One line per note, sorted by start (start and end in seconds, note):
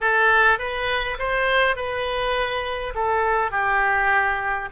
0.00 0.58 A4
0.58 1.17 B4
1.18 1.76 C5
1.76 2.93 B4
2.94 3.51 A4
3.51 4.69 G4